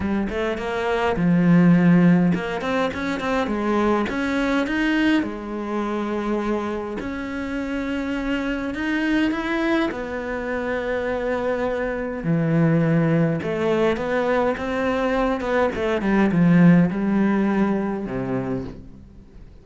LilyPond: \new Staff \with { instrumentName = "cello" } { \time 4/4 \tempo 4 = 103 g8 a8 ais4 f2 | ais8 c'8 cis'8 c'8 gis4 cis'4 | dis'4 gis2. | cis'2. dis'4 |
e'4 b2.~ | b4 e2 a4 | b4 c'4. b8 a8 g8 | f4 g2 c4 | }